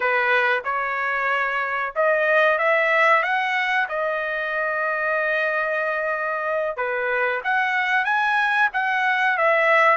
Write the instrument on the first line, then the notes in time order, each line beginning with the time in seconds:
trumpet
0.00 B4
0.64 C#5
1.95 D#5
2.58 E5
3.23 F#5
3.88 D#5
6.76 B4
7.44 F#5
8.04 G#5
8.73 F#5
9.37 E5